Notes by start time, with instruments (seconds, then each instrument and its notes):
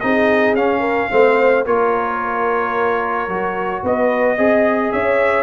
0.00 tuba C4, trombone D#4, horn G#4, trumpet D#5
0.54 tuba C#4, trombone C#4, trumpet F5
0.80 horn A#4
1.11 tuba A3, trombone C4, horn C5
1.66 tuba A#3, trombone F4, horn A#4, trumpet C#5
3.28 tuba F#3, trombone F#4
3.84 tuba B3, horn B4, trumpet D#5
4.36 tuba C4, trombone G#4, horn D#5
4.92 tuba C#4, horn C#5, trumpet E5